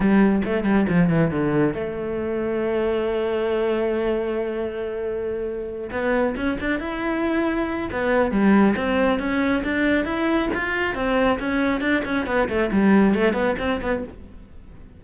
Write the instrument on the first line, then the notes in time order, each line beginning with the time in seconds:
cello
0.00 G3
0.45 A3
0.64 G3
0.88 F3
1.09 E3
1.30 D3
1.74 A3
5.91 B3
6.36 C#4
6.60 D4
6.79 E4
7.92 B3
8.31 G3
8.76 C4
9.19 C#4
9.63 D4
10.05 E4
10.54 F4
10.94 C4
11.39 C#4
11.80 D4
12.05 C#4
12.26 B3
12.48 A3
12.71 G3
13.14 A3
13.33 B3
13.59 C4
13.81 B3